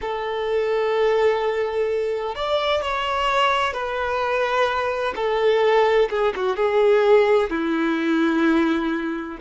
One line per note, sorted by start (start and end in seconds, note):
0.01 2.35 A4
2.35 2.81 D5
2.81 3.73 C#5
3.73 5.13 B4
5.15 6.09 A4
6.09 6.33 G#4
6.35 6.56 F#4
6.56 7.50 G#4
7.50 9.37 E4